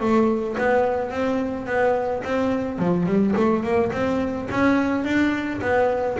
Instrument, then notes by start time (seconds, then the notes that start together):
double bass
0.00 A3
0.57 B3
1.10 C4
1.66 B3
2.24 C4
2.78 F3
3.06 G3
3.36 A3
3.63 A#3
3.92 C4
4.50 C#4
5.04 D4
5.61 B3